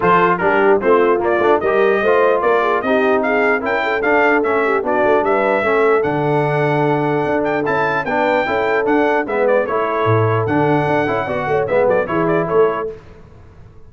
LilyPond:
<<
  \new Staff \with { instrumentName = "trumpet" } { \time 4/4 \tempo 4 = 149 c''4 ais'4 c''4 d''4 | dis''2 d''4 dis''4 | f''4 g''4 f''4 e''4 | d''4 e''2 fis''4~ |
fis''2~ fis''8 g''8 a''4 | g''2 fis''4 e''8 d''8 | cis''2 fis''2~ | fis''4 e''8 d''8 cis''8 d''8 cis''4 | }
  \new Staff \with { instrumentName = "horn" } { \time 4/4 a'4 g'4 f'2 | ais'4 c''4 ais'8 gis'8 g'4 | gis'4 ais'8 a'2 g'8 | fis'4 b'4 a'2~ |
a'1 | b'4 a'2 b'4 | a'1 | d''8 cis''8 b'8 a'8 gis'4 a'4 | }
  \new Staff \with { instrumentName = "trombone" } { \time 4/4 f'4 d'4 c'4 ais8 d'8 | g'4 f'2 dis'4~ | dis'4 e'4 d'4 cis'4 | d'2 cis'4 d'4~ |
d'2. e'4 | d'4 e'4 d'4 b4 | e'2 d'4. e'8 | fis'4 b4 e'2 | }
  \new Staff \with { instrumentName = "tuba" } { \time 4/4 f4 g4 a4 ais8 a8 | g4 a4 ais4 c'4~ | c'4 cis'4 d'4 a4 | b8 a8 g4 a4 d4~ |
d2 d'4 cis'4 | b4 cis'4 d'4 gis4 | a4 a,4 d4 d'8 cis'8 | b8 a8 gis8 fis8 e4 a4 | }
>>